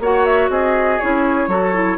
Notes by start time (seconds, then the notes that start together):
0.00 A#3 F#4 C#5 F#5
0.25 E5
0.50 C4 G#4 D#5
0.99 C#4 E4 C#5
1.48 F#3 F#4 A4
1.74 E4